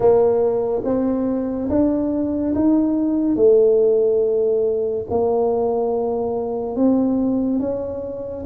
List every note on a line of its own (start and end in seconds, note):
0.00 0.81 A#3
0.84 1.68 C4
1.69 2.54 D4
2.55 3.36 D#4
3.36 5.05 A3
5.10 6.76 A#3
6.76 7.59 C4
7.59 8.44 C#4